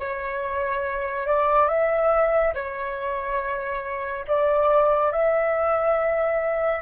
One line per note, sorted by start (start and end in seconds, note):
0.00 1.27 C#5
1.27 1.68 D5
1.68 2.54 E5
2.55 4.26 C#5
4.28 5.13 D5
5.13 6.83 E5